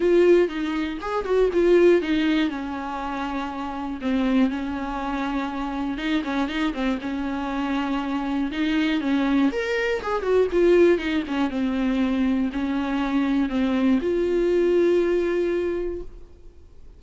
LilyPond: \new Staff \with { instrumentName = "viola" } { \time 4/4 \tempo 4 = 120 f'4 dis'4 gis'8 fis'8 f'4 | dis'4 cis'2. | c'4 cis'2. | dis'8 cis'8 dis'8 c'8 cis'2~ |
cis'4 dis'4 cis'4 ais'4 | gis'8 fis'8 f'4 dis'8 cis'8 c'4~ | c'4 cis'2 c'4 | f'1 | }